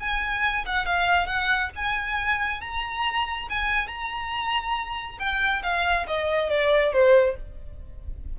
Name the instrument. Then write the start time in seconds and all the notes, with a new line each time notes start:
violin
0.00 G#5
0.65 F#5
0.86 F5
1.26 F#5
1.75 G#5
2.61 A#5
3.50 G#5
3.88 A#5
5.19 G5
5.63 F5
6.07 D#5
6.50 D5
6.93 C5